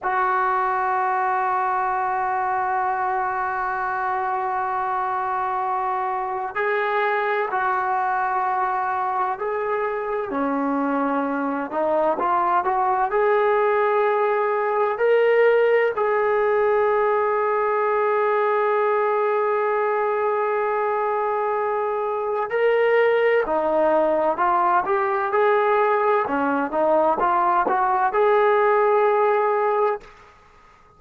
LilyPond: \new Staff \with { instrumentName = "trombone" } { \time 4/4 \tempo 4 = 64 fis'1~ | fis'2. gis'4 | fis'2 gis'4 cis'4~ | cis'8 dis'8 f'8 fis'8 gis'2 |
ais'4 gis'2.~ | gis'1 | ais'4 dis'4 f'8 g'8 gis'4 | cis'8 dis'8 f'8 fis'8 gis'2 | }